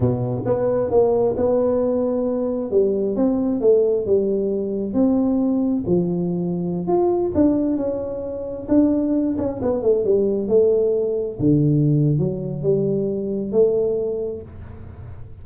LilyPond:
\new Staff \with { instrumentName = "tuba" } { \time 4/4 \tempo 4 = 133 b,4 b4 ais4 b4~ | b2 g4 c'4 | a4 g2 c'4~ | c'4 f2~ f16 f'8.~ |
f'16 d'4 cis'2 d'8.~ | d'8. cis'8 b8 a8 g4 a8.~ | a4~ a16 d4.~ d16 fis4 | g2 a2 | }